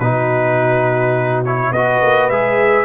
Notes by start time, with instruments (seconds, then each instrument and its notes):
0.00 tuba B2, trombone D#4, horn F#4, trumpet B4
1.45 trombone E4, trumpet C#5
1.72 tuba B3, trombone F#4, horn B4, trumpet D#5
2.02 tuba A#3
2.30 tuba G#3, trombone G#4, trumpet E5